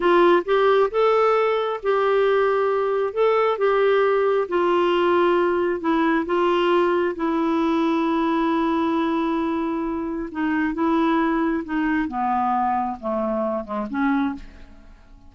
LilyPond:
\new Staff \with { instrumentName = "clarinet" } { \time 4/4 \tempo 4 = 134 f'4 g'4 a'2 | g'2. a'4 | g'2 f'2~ | f'4 e'4 f'2 |
e'1~ | e'2. dis'4 | e'2 dis'4 b4~ | b4 a4. gis8 cis'4 | }